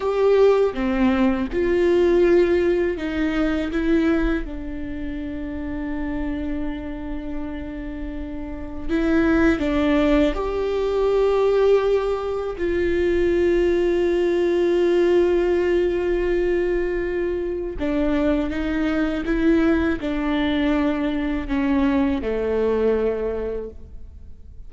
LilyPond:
\new Staff \with { instrumentName = "viola" } { \time 4/4 \tempo 4 = 81 g'4 c'4 f'2 | dis'4 e'4 d'2~ | d'1 | e'4 d'4 g'2~ |
g'4 f'2.~ | f'1 | d'4 dis'4 e'4 d'4~ | d'4 cis'4 a2 | }